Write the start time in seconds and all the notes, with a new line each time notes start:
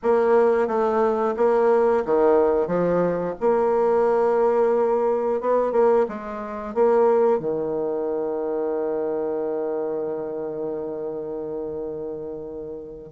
0.02 A#3
0.67 A3
1.36 A#3
2.05 D#3
2.67 F3
3.40 A#3
5.41 B3
5.72 A#3
6.08 G#3
6.74 A#3
7.39 D#3